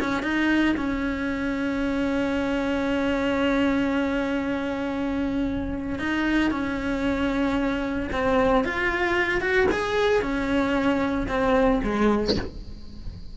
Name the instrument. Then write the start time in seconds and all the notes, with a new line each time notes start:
cello
0.00 C#4
0.23 D#4
0.77 C#4
5.99 D#4
6.51 C#4
8.12 C4
8.64 F4
9.41 F#4
9.72 G#4
10.22 C#4
11.28 C4
11.83 G#3